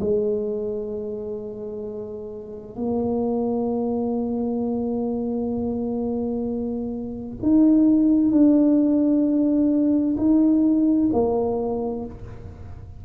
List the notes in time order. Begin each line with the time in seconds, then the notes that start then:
0.00 G#3
2.76 A#3
7.42 D#4
8.32 D4
10.17 D#4
11.13 A#3